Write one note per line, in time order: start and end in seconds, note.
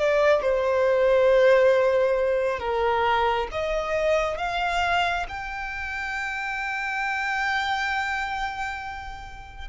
0.00 0.42 D5
0.42 2.59 C5
2.59 3.48 A#4
3.52 4.38 D#5
4.38 5.26 F5
5.29 9.69 G5